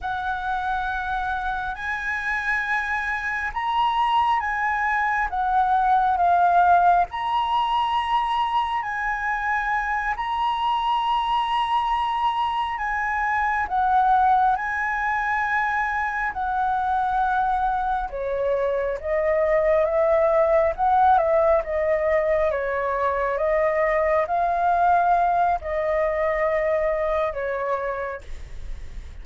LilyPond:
\new Staff \with { instrumentName = "flute" } { \time 4/4 \tempo 4 = 68 fis''2 gis''2 | ais''4 gis''4 fis''4 f''4 | ais''2 gis''4. ais''8~ | ais''2~ ais''8 gis''4 fis''8~ |
fis''8 gis''2 fis''4.~ | fis''8 cis''4 dis''4 e''4 fis''8 | e''8 dis''4 cis''4 dis''4 f''8~ | f''4 dis''2 cis''4 | }